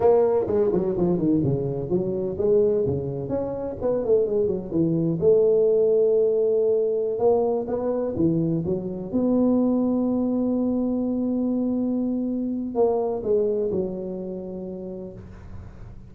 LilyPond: \new Staff \with { instrumentName = "tuba" } { \time 4/4 \tempo 4 = 127 ais4 gis8 fis8 f8 dis8 cis4 | fis4 gis4 cis4 cis'4 | b8 a8 gis8 fis8 e4 a4~ | a2.~ a16 ais8.~ |
ais16 b4 e4 fis4 b8.~ | b1~ | b2. ais4 | gis4 fis2. | }